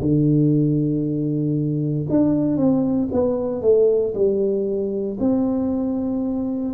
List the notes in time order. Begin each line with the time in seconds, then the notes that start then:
0.00 D3
2.09 D4
2.56 C4
3.12 B3
3.62 A3
4.14 G3
5.19 C4